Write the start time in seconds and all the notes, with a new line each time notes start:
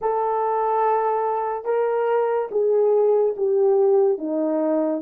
0.01 A4
1.64 A#4
2.51 G#4
3.36 G4
4.18 D#4